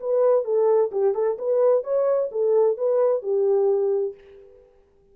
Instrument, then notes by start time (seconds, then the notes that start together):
horn
0.00 B4
0.44 A4
0.92 G4
1.14 A4
1.38 B4
1.83 C#5
2.32 A4
2.77 B4
3.22 G4